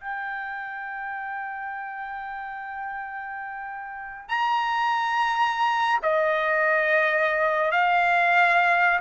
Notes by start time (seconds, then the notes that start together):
0.00 G5
4.29 A#5
6.03 D#5
7.71 F5